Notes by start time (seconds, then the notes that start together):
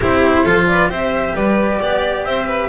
0.00 C4 E4 G4 C5
0.43 F3 F4 A4
0.67 B4 D5
0.88 C4 G4 C5 E5
1.34 G3 B4 D5
1.80 B3 D5
2.25 C4 C5 E5
2.47 B4